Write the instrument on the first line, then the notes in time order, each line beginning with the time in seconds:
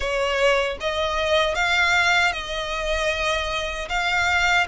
violin
0.00 C#5
0.80 D#5
1.54 F5
2.32 D#5
3.89 F5